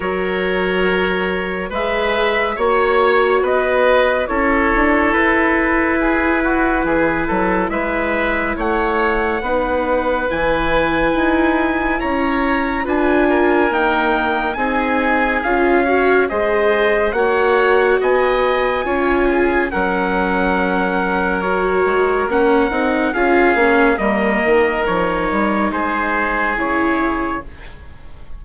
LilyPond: <<
  \new Staff \with { instrumentName = "trumpet" } { \time 4/4 \tempo 4 = 70 cis''2 e''4 cis''4 | dis''4 cis''4 b'2~ | b'4 e''4 fis''2 | gis''2 ais''4 gis''4 |
g''4 gis''4 f''4 dis''4 | fis''4 gis''2 fis''4~ | fis''4 cis''4 fis''4 f''4 | dis''4 cis''4 c''4 cis''4 | }
  \new Staff \with { instrumentName = "oboe" } { \time 4/4 ais'2 b'4 cis''4 | b'4 a'2 gis'8 fis'8 | gis'8 a'8 b'4 cis''4 b'4~ | b'2 cis''4 b'8 ais'8~ |
ais'4 gis'4. cis''8 c''4 | cis''4 dis''4 cis''8 gis'8 ais'4~ | ais'2. gis'4 | ais'2 gis'2 | }
  \new Staff \with { instrumentName = "viola" } { \time 4/4 fis'2 gis'4 fis'4~ | fis'4 e'2.~ | e'2. dis'4 | e'2. f'4 |
ais4 dis'4 f'8 fis'8 gis'4 | fis'2 f'4 cis'4~ | cis'4 fis'4 cis'8 dis'8 f'8 cis'8 | ais4 dis'2 e'4 | }
  \new Staff \with { instrumentName = "bassoon" } { \time 4/4 fis2 gis4 ais4 | b4 cis'8 d'8 e'2 | e8 fis8 gis4 a4 b4 | e4 dis'4 cis'4 d'4 |
dis'4 c'4 cis'4 gis4 | ais4 b4 cis'4 fis4~ | fis4. gis8 ais8 c'8 cis'8 ais8 | g8 dis8 f8 g8 gis4 cis4 | }
>>